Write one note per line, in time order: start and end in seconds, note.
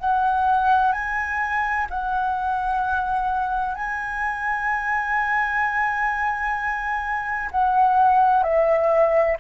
0.00 0.92 F#5
0.92 1.86 G#5
1.90 3.75 F#5
3.75 7.50 G#5
7.51 8.43 F#5
8.43 9.37 E5